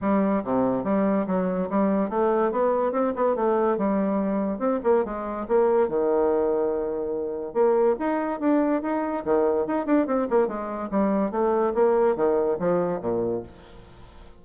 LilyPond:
\new Staff \with { instrumentName = "bassoon" } { \time 4/4 \tempo 4 = 143 g4 c4 g4 fis4 | g4 a4 b4 c'8 b8 | a4 g2 c'8 ais8 | gis4 ais4 dis2~ |
dis2 ais4 dis'4 | d'4 dis'4 dis4 dis'8 d'8 | c'8 ais8 gis4 g4 a4 | ais4 dis4 f4 ais,4 | }